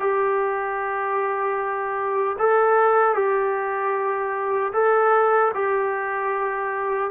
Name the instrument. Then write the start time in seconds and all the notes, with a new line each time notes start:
trombone
0.00 G4
2.39 A4
3.14 G4
4.73 A4
5.54 G4